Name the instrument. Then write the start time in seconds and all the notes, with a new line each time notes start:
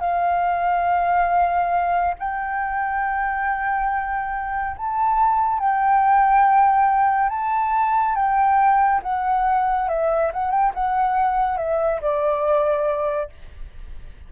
flute
0.00 F5
2.19 G5
4.76 A5
5.59 G5
7.29 A5
8.15 G5
9.03 F#5
9.88 E5
10.33 F#5
10.51 G5
10.74 F#5
11.57 E5
12.01 D5